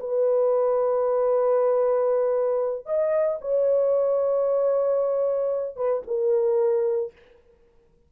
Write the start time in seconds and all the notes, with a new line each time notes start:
0.00 B4
2.86 D#5
3.42 C#5
5.77 B4
6.07 A#4